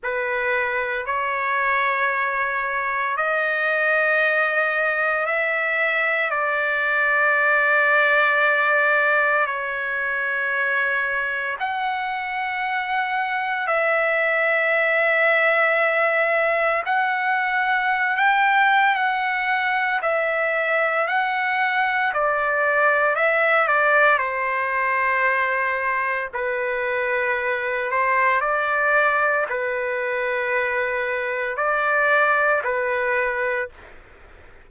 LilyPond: \new Staff \with { instrumentName = "trumpet" } { \time 4/4 \tempo 4 = 57 b'4 cis''2 dis''4~ | dis''4 e''4 d''2~ | d''4 cis''2 fis''4~ | fis''4 e''2. |
fis''4~ fis''16 g''8. fis''4 e''4 | fis''4 d''4 e''8 d''8 c''4~ | c''4 b'4. c''8 d''4 | b'2 d''4 b'4 | }